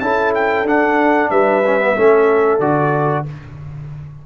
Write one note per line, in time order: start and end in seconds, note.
0.00 0.64 C#4
0.00 0.66 E4
0.00 1.31 A4
0.00 0.33 A5
0.35 0.67 G5
0.64 1.29 D4
0.64 1.63 D4
0.64 1.30 F#5
1.30 1.96 G3
1.30 1.95 B4
1.30 2.60 E5
1.66 1.80 C#4
1.80 1.96 B3
1.95 2.59 A3
1.95 2.61 C#4
1.95 3.26 A4
2.59 3.25 D3
2.59 3.26 F#4
2.59 3.25 D5